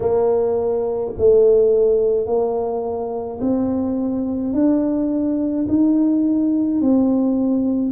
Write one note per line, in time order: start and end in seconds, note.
0.00 1.12 A#3
1.18 2.26 A3
2.26 3.40 A#3
3.41 4.53 C4
4.53 5.66 D4
5.68 6.81 D#4
6.81 7.92 C4